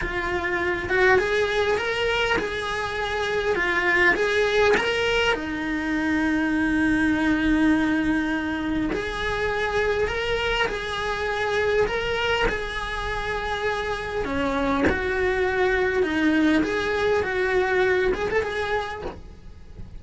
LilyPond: \new Staff \with { instrumentName = "cello" } { \time 4/4 \tempo 4 = 101 f'4. fis'8 gis'4 ais'4 | gis'2 f'4 gis'4 | ais'4 dis'2.~ | dis'2. gis'4~ |
gis'4 ais'4 gis'2 | ais'4 gis'2. | cis'4 fis'2 dis'4 | gis'4 fis'4. gis'16 a'16 gis'4 | }